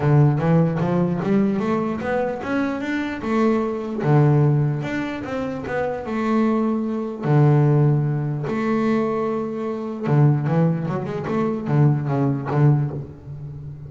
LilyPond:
\new Staff \with { instrumentName = "double bass" } { \time 4/4 \tempo 4 = 149 d4 e4 f4 g4 | a4 b4 cis'4 d'4 | a2 d2 | d'4 c'4 b4 a4~ |
a2 d2~ | d4 a2.~ | a4 d4 e4 fis8 gis8 | a4 d4 cis4 d4 | }